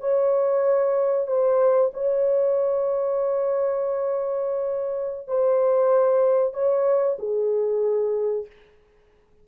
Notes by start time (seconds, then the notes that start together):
0.00 C#5
1.27 C5
1.94 C#5
5.27 C5
6.53 C#5
7.19 G#4